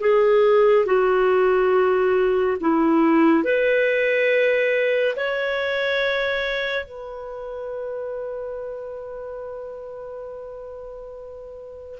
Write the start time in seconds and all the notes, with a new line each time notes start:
0.00 G#4
0.86 F#4
2.60 E4
3.44 B4
5.16 C#5
6.85 B4